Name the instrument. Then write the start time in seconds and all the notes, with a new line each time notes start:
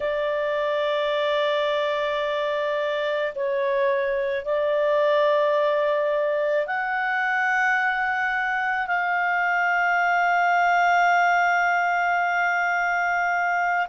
clarinet
0.00 D5
3.35 C#5
4.45 D5
6.66 F#5
8.86 F5